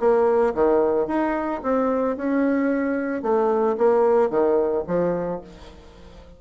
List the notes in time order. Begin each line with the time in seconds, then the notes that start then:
0.00 A#3
0.55 D#3
1.08 D#4
1.63 C4
2.17 C#4
3.23 A3
3.78 A#3
4.30 D#3
4.88 F3